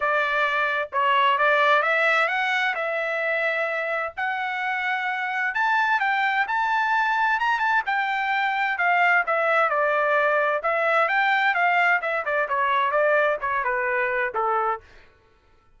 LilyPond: \new Staff \with { instrumentName = "trumpet" } { \time 4/4 \tempo 4 = 130 d''2 cis''4 d''4 | e''4 fis''4 e''2~ | e''4 fis''2. | a''4 g''4 a''2 |
ais''8 a''8 g''2 f''4 | e''4 d''2 e''4 | g''4 f''4 e''8 d''8 cis''4 | d''4 cis''8 b'4. a'4 | }